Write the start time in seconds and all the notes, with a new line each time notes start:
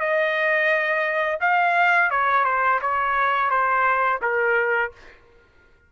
0.00 D#5
1.41 F5
2.11 C#5
2.45 C5
2.82 C#5
3.50 C5
4.22 A#4